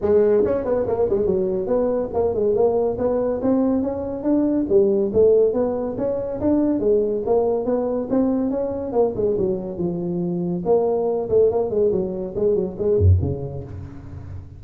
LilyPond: \new Staff \with { instrumentName = "tuba" } { \time 4/4 \tempo 4 = 141 gis4 cis'8 b8 ais8 gis8 fis4 | b4 ais8 gis8 ais4 b4 | c'4 cis'4 d'4 g4 | a4 b4 cis'4 d'4 |
gis4 ais4 b4 c'4 | cis'4 ais8 gis8 fis4 f4~ | f4 ais4. a8 ais8 gis8 | fis4 gis8 fis8 gis8 fis,8 cis4 | }